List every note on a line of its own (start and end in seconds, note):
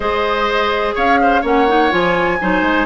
0.00 0.93 G#3
0.00 1.43 G#4
0.00 0.95 C5
0.00 0.95 D#5
0.95 1.43 C#4
0.95 1.19 C#5
0.95 1.44 F5
1.22 1.41 C5
1.41 1.91 A#3
1.41 1.67 C#4
1.41 2.37 C#5
1.41 1.92 F#5
1.68 1.90 D#4
1.90 2.40 F3
1.90 2.38 F4
1.90 2.85 G#5
2.41 2.62 F#3
2.41 2.85 D#4
2.41 2.85 C5
2.62 2.85 G#3